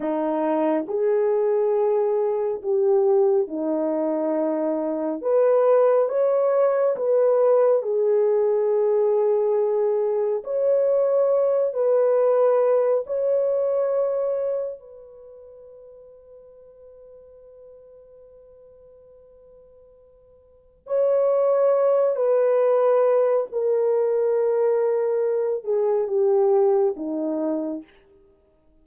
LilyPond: \new Staff \with { instrumentName = "horn" } { \time 4/4 \tempo 4 = 69 dis'4 gis'2 g'4 | dis'2 b'4 cis''4 | b'4 gis'2. | cis''4. b'4. cis''4~ |
cis''4 b'2.~ | b'1 | cis''4. b'4. ais'4~ | ais'4. gis'8 g'4 dis'4 | }